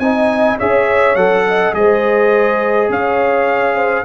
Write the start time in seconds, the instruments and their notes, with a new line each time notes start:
0.00 tuba C4, trombone D#4, horn D#5, trumpet G#5
0.58 tuba C#4, trombone G#4, horn C#5, trumpet E5
1.16 tuba F#3, trombone A4, trumpet F#5
1.48 horn D#5
1.74 tuba G#3, trombone G#4, horn C5, trumpet D#5
2.90 tuba C#4, horn C#5, trumpet F5
3.76 horn C5